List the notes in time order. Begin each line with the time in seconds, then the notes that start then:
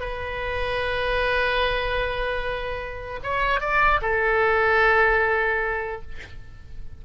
0.00 B4
3.23 C#5
3.60 D5
4.01 A4